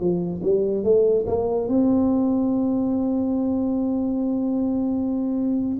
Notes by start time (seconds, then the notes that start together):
0.00 F3
0.43 G3
0.84 A3
1.27 A#3
1.68 C4